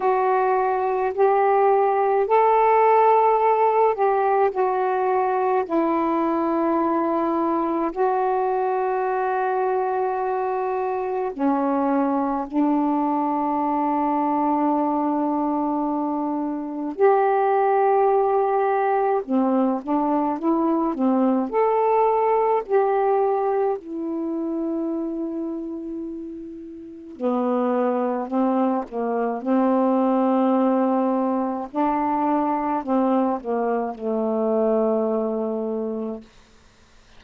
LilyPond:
\new Staff \with { instrumentName = "saxophone" } { \time 4/4 \tempo 4 = 53 fis'4 g'4 a'4. g'8 | fis'4 e'2 fis'4~ | fis'2 cis'4 d'4~ | d'2. g'4~ |
g'4 c'8 d'8 e'8 c'8 a'4 | g'4 e'2. | b4 c'8 ais8 c'2 | d'4 c'8 ais8 a2 | }